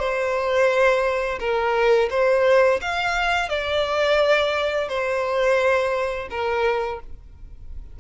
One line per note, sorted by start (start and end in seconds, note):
0.00 1.40 C5
1.40 2.09 A#4
2.11 2.80 C5
2.82 3.49 F5
3.49 4.89 D5
4.89 6.29 C5
6.30 7.00 A#4